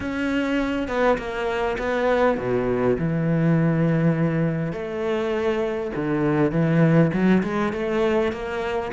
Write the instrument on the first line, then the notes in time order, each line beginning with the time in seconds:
cello
0.00 C#4
0.87 B3
1.17 A#3
1.78 B3
2.37 B2
2.98 E3
4.72 A3
5.95 D3
6.51 E3
7.13 F#3
7.43 G#3
7.72 A3
8.32 A#3